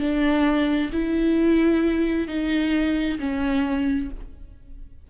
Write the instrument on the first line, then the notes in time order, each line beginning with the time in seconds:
viola
0.00 D4
0.93 E4
2.28 D#4
3.20 C#4